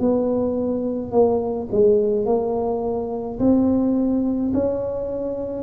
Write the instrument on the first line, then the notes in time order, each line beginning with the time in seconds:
tuba
0.00 B3
1.12 A#3
1.72 G#3
2.26 A#3
3.40 C4
4.54 C#4